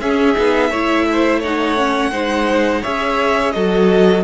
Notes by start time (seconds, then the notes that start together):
0.00 C#4 G#4 E5
0.34 B3 D#4
0.70 A3 E4 C#5
1.11 C5
1.40 D#4 C#5 F#5
1.76 C#4
2.11 G#3 D#4 C5
2.81 C#4 G#4 C#5 E5
3.51 F#3 F#4 A4 D#5